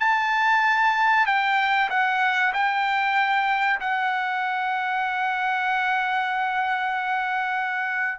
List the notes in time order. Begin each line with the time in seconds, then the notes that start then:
0.00 A5
1.26 G5
1.90 F#5
2.54 G5
3.80 F#5